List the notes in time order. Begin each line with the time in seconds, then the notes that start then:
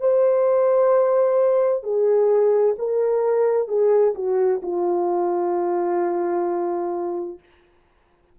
0.00 C5
1.83 G#4
2.79 A#4
3.68 G#4
4.15 F#4
4.63 F4